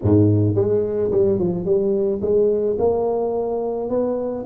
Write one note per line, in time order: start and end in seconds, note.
0.02 0.55 G#2
0.55 1.10 G#3
1.11 1.38 G3
1.38 1.65 F3
1.65 2.20 G3
2.21 2.77 G#3
2.78 3.89 A#3
3.89 4.45 B3